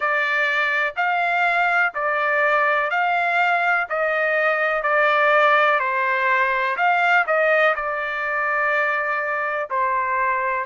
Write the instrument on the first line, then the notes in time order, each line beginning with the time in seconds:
trumpet
0.00 D5
0.96 F5
1.94 D5
2.90 F5
3.89 D#5
4.83 D5
5.79 C5
6.76 F5
7.26 D#5
7.75 D5
9.70 C5